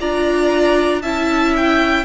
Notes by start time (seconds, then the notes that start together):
0.00 D4 F4 D5 A#5
1.02 C#4 E4 E5 A5
1.56 G5